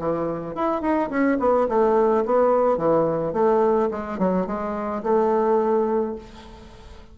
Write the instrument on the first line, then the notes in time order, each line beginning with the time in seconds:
bassoon
0.00 E3
0.55 E4
0.82 D#4
1.10 C#4
1.40 B3
1.69 A3
2.26 B3
2.78 E3
3.34 A3
3.92 G#3
4.19 F#3
4.47 G#3
5.04 A3